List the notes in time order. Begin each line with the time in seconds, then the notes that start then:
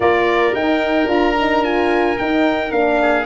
0.00 A#3 F4 A#4 D5
0.55 D#4 G5
1.05 D4 F4 A#5
1.39 D#4
1.63 F4 G#5
2.17 D#4 G5
2.71 A#3 D4 F5
3.01 G#4